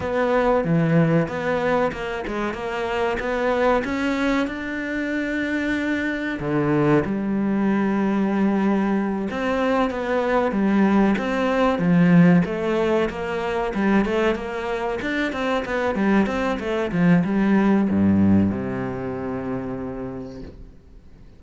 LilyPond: \new Staff \with { instrumentName = "cello" } { \time 4/4 \tempo 4 = 94 b4 e4 b4 ais8 gis8 | ais4 b4 cis'4 d'4~ | d'2 d4 g4~ | g2~ g8 c'4 b8~ |
b8 g4 c'4 f4 a8~ | a8 ais4 g8 a8 ais4 d'8 | c'8 b8 g8 c'8 a8 f8 g4 | g,4 c2. | }